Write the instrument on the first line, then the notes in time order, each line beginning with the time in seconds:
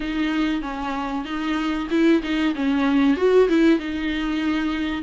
viola
0.00 D#4
0.61 C#4
1.25 D#4
1.90 E4
2.22 D#4
2.55 C#4
3.16 F#4
3.49 E4
3.79 D#4